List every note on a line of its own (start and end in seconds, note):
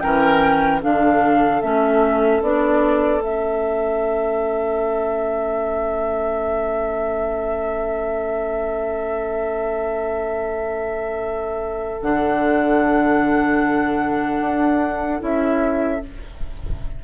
0.00 0.83 E3
0.00 0.81 C#4
0.00 0.81 A#4
0.00 0.80 G5
0.81 1.62 D3
0.81 1.61 D4
0.81 16.01 A4
0.81 1.61 F5
1.61 2.41 A3
1.61 2.42 C#4
1.61 2.41 E5
2.41 3.20 B3
2.41 3.20 D4
2.41 3.22 D5
3.20 12.00 A3
3.20 12.00 C#4
3.20 12.01 E5
12.01 14.40 D3
12.01 15.19 D4
12.01 15.21 F#5
14.40 15.20 D4
15.19 16.01 C#4
15.19 15.99 E4
15.19 16.03 E5